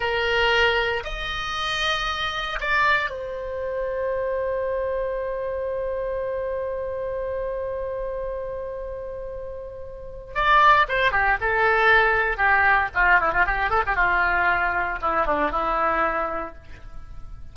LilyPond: \new Staff \with { instrumentName = "oboe" } { \time 4/4 \tempo 4 = 116 ais'2 dis''2~ | dis''4 d''4 c''2~ | c''1~ | c''1~ |
c''1 | d''4 c''8 g'8 a'2 | g'4 f'8 e'16 f'16 g'8 a'16 g'16 f'4~ | f'4 e'8 d'8 e'2 | }